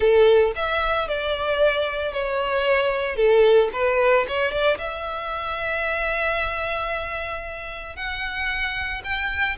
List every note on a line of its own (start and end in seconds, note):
0.00 0.52 A4
0.55 1.08 E5
1.08 2.12 D5
2.12 3.16 C#5
3.16 3.69 A4
3.73 4.26 B4
4.28 4.51 C#5
4.51 4.77 D5
4.78 7.95 E5
7.95 9.02 F#5
9.03 9.56 G5